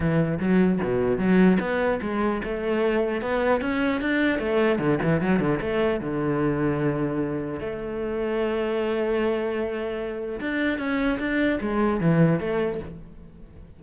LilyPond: \new Staff \with { instrumentName = "cello" } { \time 4/4 \tempo 4 = 150 e4 fis4 b,4 fis4 | b4 gis4 a2 | b4 cis'4 d'4 a4 | d8 e8 fis8 d8 a4 d4~ |
d2. a4~ | a1~ | a2 d'4 cis'4 | d'4 gis4 e4 a4 | }